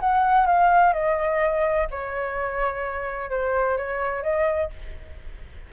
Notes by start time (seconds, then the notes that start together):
0.00 F#5
0.46 F5
0.93 D#5
1.91 C#5
3.30 C5
3.77 C#5
4.23 D#5